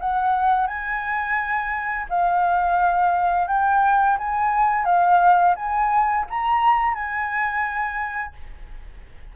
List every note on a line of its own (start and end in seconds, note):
0.00 0.67 F#5
0.67 2.07 G#5
2.10 3.48 F5
3.48 4.18 G5
4.18 4.86 G#5
4.86 5.55 F5
5.56 6.26 G#5
6.30 6.95 A#5
6.95 8.34 G#5